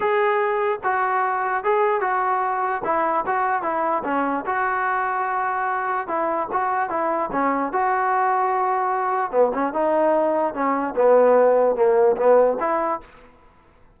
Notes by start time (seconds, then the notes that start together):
0.00 G#4
0.83 F#4
1.64 G#4
2.00 F#4
2.84 E4
3.26 F#4
3.62 E4
4.04 C#4
4.46 F#4
6.07 E4
6.52 F#4
6.89 E4
7.32 C#4
7.72 F#4
9.31 B3
9.53 C#4
9.73 D#4
10.54 C#4
10.95 B3
11.75 A#3
12.16 B3
12.60 E4